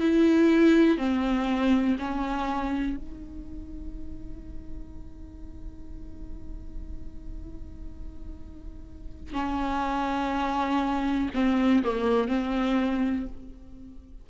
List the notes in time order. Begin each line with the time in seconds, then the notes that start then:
0.00 E4
0.98 C4
1.99 C#4
2.96 D#4
9.33 C#4
11.34 C4
11.84 A#3
12.28 C4